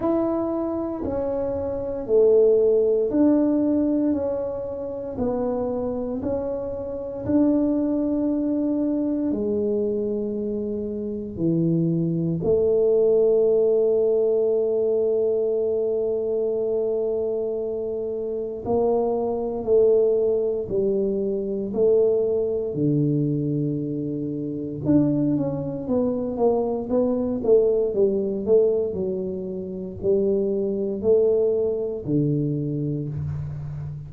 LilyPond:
\new Staff \with { instrumentName = "tuba" } { \time 4/4 \tempo 4 = 58 e'4 cis'4 a4 d'4 | cis'4 b4 cis'4 d'4~ | d'4 gis2 e4 | a1~ |
a2 ais4 a4 | g4 a4 d2 | d'8 cis'8 b8 ais8 b8 a8 g8 a8 | fis4 g4 a4 d4 | }